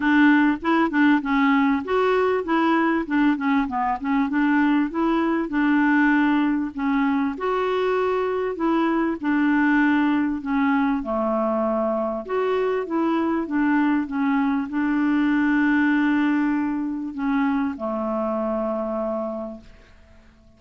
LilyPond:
\new Staff \with { instrumentName = "clarinet" } { \time 4/4 \tempo 4 = 98 d'4 e'8 d'8 cis'4 fis'4 | e'4 d'8 cis'8 b8 cis'8 d'4 | e'4 d'2 cis'4 | fis'2 e'4 d'4~ |
d'4 cis'4 a2 | fis'4 e'4 d'4 cis'4 | d'1 | cis'4 a2. | }